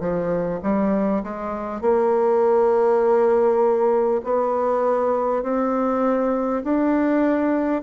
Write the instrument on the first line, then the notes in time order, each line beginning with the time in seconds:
bassoon
0.00 F3
0.63 G3
1.24 G#3
1.82 A#3
4.24 B3
5.43 C4
6.64 D4